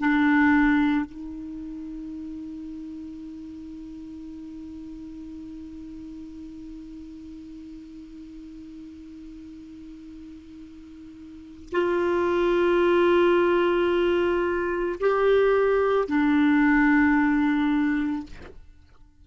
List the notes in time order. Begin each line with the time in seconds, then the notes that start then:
0.00 D4
1.06 D#4
11.72 F4
15.00 G4
16.08 D4